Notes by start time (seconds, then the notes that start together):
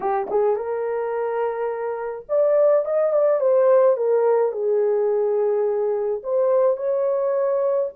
0.00 G4
0.30 G#4
0.55 A#4
2.28 D5
2.85 D#5
3.12 D5
3.40 C5
3.96 A#4
4.51 G#4
6.23 C5
6.76 C#5